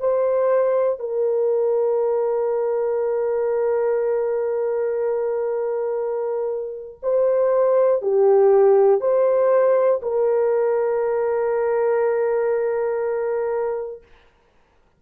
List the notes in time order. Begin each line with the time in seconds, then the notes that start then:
0.00 C5
1.00 A#4
7.03 C5
8.02 G4
9.01 C5
10.02 A#4